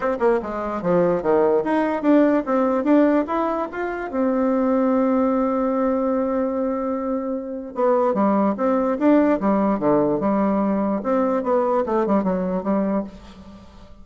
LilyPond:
\new Staff \with { instrumentName = "bassoon" } { \time 4/4 \tempo 4 = 147 c'8 ais8 gis4 f4 dis4 | dis'4 d'4 c'4 d'4 | e'4 f'4 c'2~ | c'1~ |
c'2. b4 | g4 c'4 d'4 g4 | d4 g2 c'4 | b4 a8 g8 fis4 g4 | }